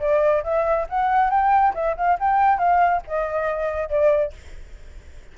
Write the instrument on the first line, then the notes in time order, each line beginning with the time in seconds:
flute
0.00 D5
0.44 E5
0.90 F#5
1.31 G5
1.75 E5
1.97 F5
2.20 G5
2.59 F5
3.08 D#5
3.90 D5